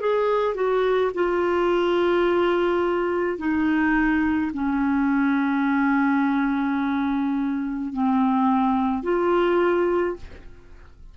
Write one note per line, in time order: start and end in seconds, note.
0.00 0.55 G#4
0.55 1.11 F#4
1.14 3.38 F4
3.38 4.51 D#4
4.53 7.92 C#4
7.92 9.03 C4
9.03 10.16 F4